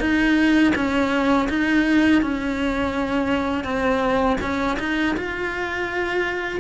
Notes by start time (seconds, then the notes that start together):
0.00 D#4
0.75 C#4
1.49 D#4
2.22 C#4
3.64 C4
4.41 C#4
4.79 D#4
5.17 F4